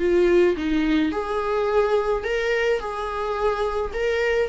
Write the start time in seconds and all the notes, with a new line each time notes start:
0.00 F4
0.57 D#4
1.12 G#4
2.24 A#4
2.80 G#4
3.94 A#4